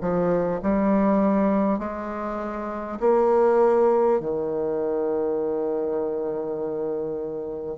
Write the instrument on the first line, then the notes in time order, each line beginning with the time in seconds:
bassoon
0.00 F3
0.62 G3
1.78 G#3
2.99 A#3
4.20 D#3